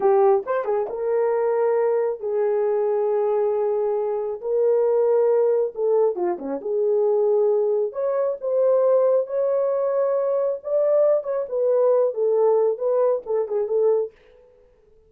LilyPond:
\new Staff \with { instrumentName = "horn" } { \time 4/4 \tempo 4 = 136 g'4 c''8 gis'8 ais'2~ | ais'4 gis'2.~ | gis'2 ais'2~ | ais'4 a'4 f'8 cis'8 gis'4~ |
gis'2 cis''4 c''4~ | c''4 cis''2. | d''4. cis''8 b'4. a'8~ | a'4 b'4 a'8 gis'8 a'4 | }